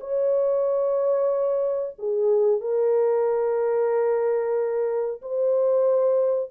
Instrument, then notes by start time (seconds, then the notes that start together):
horn
0.00 C#5
1.99 G#4
2.61 A#4
5.22 C5